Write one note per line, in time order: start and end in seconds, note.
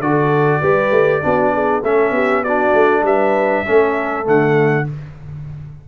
0.00 0.61 D3
0.00 0.63 F#4
0.00 0.61 A4
0.00 1.83 D5
0.61 0.91 G3
0.61 1.22 G4
0.61 1.22 B4
0.91 1.21 A3
1.22 1.83 B3
1.22 1.83 D4
1.22 1.54 F#4
1.54 1.84 G#4
1.83 2.11 A3
1.83 2.46 C#4
1.83 2.14 A4
1.83 2.44 E5
2.11 2.71 B3
2.11 2.42 G4
2.42 3.66 D4
2.42 3.03 F#4
2.42 3.04 D5
2.74 3.03 A3
3.03 3.64 G3
3.03 3.65 B4
3.03 4.27 E5
3.65 4.27 A3
3.65 4.24 C#4
3.65 4.86 A4
4.24 4.88 D3
4.24 4.85 A3
4.24 4.89 F#5